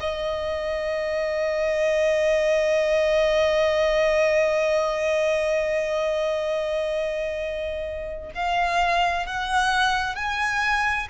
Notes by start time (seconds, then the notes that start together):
0.00 D#5
8.35 F5
9.26 F#5
10.15 G#5